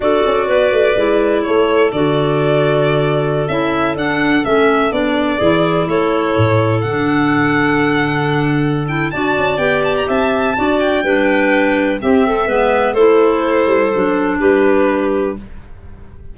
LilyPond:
<<
  \new Staff \with { instrumentName = "violin" } { \time 4/4 \tempo 4 = 125 d''2. cis''4 | d''2.~ d''16 e''8.~ | e''16 fis''4 e''4 d''4.~ d''16~ | d''16 cis''2 fis''4.~ fis''16~ |
fis''2~ fis''8 g''8 a''4 | g''8 a''16 ais''16 a''4. g''4.~ | g''4 e''2 c''4~ | c''2 b'2 | }
  \new Staff \with { instrumentName = "clarinet" } { \time 4/4 a'4 b'2 a'4~ | a'1~ | a'2.~ a'16 gis'8.~ | gis'16 a'2.~ a'8.~ |
a'2. d''4~ | d''4 e''4 d''4 b'4~ | b'4 g'8 a'8 b'4 a'4~ | a'2 g'2 | }
  \new Staff \with { instrumentName = "clarinet" } { \time 4/4 fis'2 e'2 | fis'2.~ fis'16 e'8.~ | e'16 d'4 cis'4 d'4 e'8.~ | e'2~ e'16 d'4.~ d'16~ |
d'2~ d'8 e'8 fis'4 | g'2 fis'4 d'4~ | d'4 c'4 b4 e'4~ | e'4 d'2. | }
  \new Staff \with { instrumentName = "tuba" } { \time 4/4 d'8 cis'8 b8 a8 gis4 a4 | d2.~ d16 cis'8.~ | cis'16 d'4 a4 b4 e8.~ | e16 a4 a,4 d4.~ d16~ |
d2. d'8 cis'8 | b4 c'4 d'4 g4~ | g4 c'4 gis4 a4~ | a8 g8 fis4 g2 | }
>>